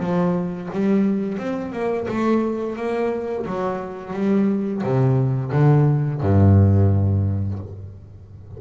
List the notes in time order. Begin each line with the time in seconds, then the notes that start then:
0.00 F3
0.73 G3
1.38 C4
1.72 A#3
2.08 A3
2.77 A#3
3.46 F#3
4.13 G3
4.84 C3
5.52 D3
6.21 G2